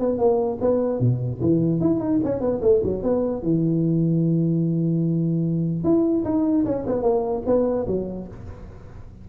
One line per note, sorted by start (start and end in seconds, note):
0.00 0.18 B3
0.18 0.59 A#3
0.61 1.00 B3
1.00 1.41 B2
1.42 1.81 E3
1.81 2.00 E4
2.00 2.20 D#4
2.25 2.41 C#4
2.41 2.61 B3
2.62 2.82 A3
2.84 3.03 F#3
3.03 3.43 B3
3.43 5.84 E3
5.84 6.25 E4
6.25 6.65 D#4
6.66 6.86 C#4
6.87 7.03 B3
7.03 7.43 A#3
7.47 7.87 B3
7.87 8.28 F#3